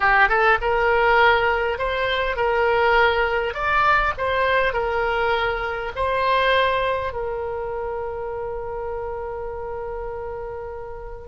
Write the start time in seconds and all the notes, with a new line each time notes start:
0.00 G4
0.28 A4
0.61 A#4
1.78 C5
2.36 A#4
3.53 D5
4.17 C5
4.73 A#4
5.95 C5
7.13 A#4